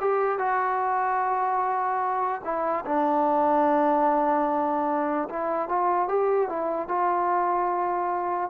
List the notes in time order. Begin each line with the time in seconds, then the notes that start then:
0.00 G4
0.38 F#4
2.44 E4
2.85 D4
5.29 E4
5.69 F4
6.08 G4
6.49 E4
6.88 F4